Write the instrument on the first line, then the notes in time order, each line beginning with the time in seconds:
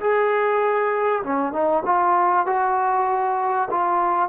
trombone
0.00 G#4
1.23 C#4
1.53 D#4
1.85 F4
2.46 F#4
3.70 F4